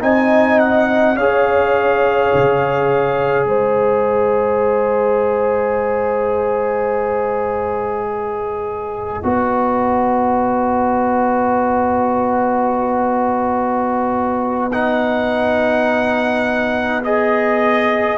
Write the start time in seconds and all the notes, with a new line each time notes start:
0.00 C4 D#4 D#5 G#5
0.59 F#5
1.16 C#4 G#4 C#5 F5
2.34 C#3
3.45 G#3 C5 D#5
8.08 B4
9.23 B3 F#4
14.72 D#4 F#5
17.03 G#4 D#5